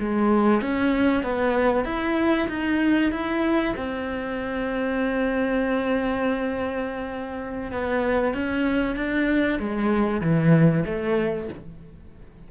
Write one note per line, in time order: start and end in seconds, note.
0.00 0.62 G#3
0.62 1.23 C#4
1.23 1.85 B3
1.85 2.48 E4
2.49 3.12 D#4
3.12 3.75 E4
3.77 7.72 C4
7.72 8.34 B3
8.34 8.96 C#4
8.96 9.59 D4
9.59 10.22 G#3
10.22 10.85 E3
10.86 11.49 A3